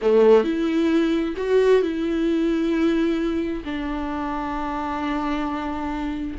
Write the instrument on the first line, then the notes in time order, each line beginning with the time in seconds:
viola
0.01 A3
0.44 E4
1.37 F#4
1.82 E4
3.64 D4